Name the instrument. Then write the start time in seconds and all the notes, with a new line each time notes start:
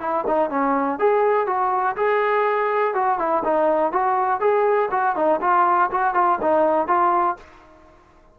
trombone
0.00 E4
0.27 D#4
0.50 C#4
0.99 G#4
1.47 F#4
1.96 G#4
2.94 F#4
3.19 E4
3.44 D#4
3.92 F#4
4.40 G#4
4.91 F#4
5.16 D#4
5.41 F4
5.91 F#4
6.14 F4
6.41 D#4
6.88 F4